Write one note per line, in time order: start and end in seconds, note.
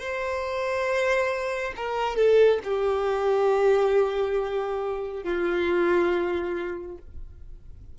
0.00 1.74 C5
1.77 2.16 A#4
2.16 2.60 A4
2.64 5.24 G4
5.24 6.98 F4